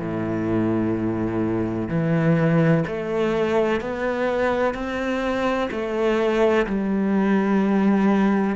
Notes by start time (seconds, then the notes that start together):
0.00 A2
1.88 E3
2.87 A3
3.81 B3
4.74 C4
5.71 A3
6.67 G3